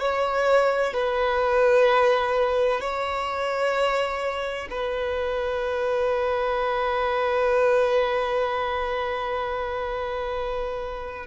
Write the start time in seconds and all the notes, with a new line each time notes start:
0.00 C#5
0.94 B4
2.81 C#5
4.70 B4